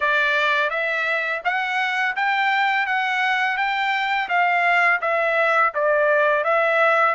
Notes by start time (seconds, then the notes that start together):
0.00 D5
0.70 E5
1.44 F#5
2.16 G5
2.86 F#5
3.57 G5
4.29 F5
5.01 E5
5.74 D5
6.44 E5